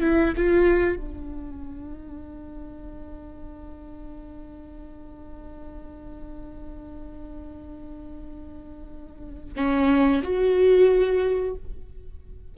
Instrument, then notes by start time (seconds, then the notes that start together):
viola
0.00 E4
0.36 F4
0.96 D4
9.56 C#4
10.23 F#4